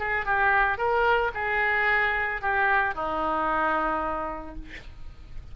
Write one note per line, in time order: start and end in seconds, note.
0.00 0.26 G#4
0.26 0.78 G4
0.78 1.32 A#4
1.35 2.42 G#4
2.42 2.95 G4
2.95 4.56 D#4